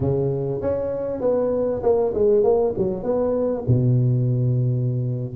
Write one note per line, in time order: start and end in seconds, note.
0.00 0.61 C#3
0.61 1.21 C#4
1.21 1.82 B3
1.82 2.13 A#3
2.14 2.43 G#3
2.43 2.74 A#3
2.77 3.03 F#3
3.03 3.64 B3
3.67 5.35 B2